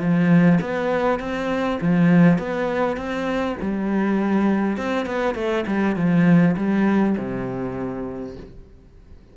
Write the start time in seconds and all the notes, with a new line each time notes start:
0.00 F3
0.61 B3
1.20 C4
1.81 F3
2.38 B3
2.97 C4
3.61 G3
4.77 C4
5.06 B3
5.35 A3
5.67 G3
5.96 F3
6.57 G3
7.17 C3